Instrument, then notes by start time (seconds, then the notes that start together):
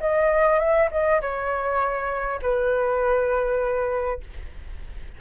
flute
0.00 D#5
0.59 E5
0.91 D#5
1.21 C#5
2.42 B4